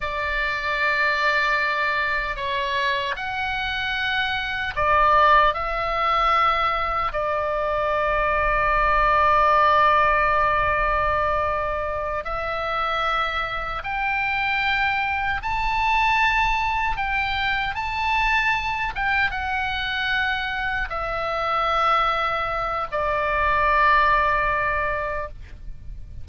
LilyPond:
\new Staff \with { instrumentName = "oboe" } { \time 4/4 \tempo 4 = 76 d''2. cis''4 | fis''2 d''4 e''4~ | e''4 d''2.~ | d''2.~ d''8 e''8~ |
e''4. g''2 a''8~ | a''4. g''4 a''4. | g''8 fis''2 e''4.~ | e''4 d''2. | }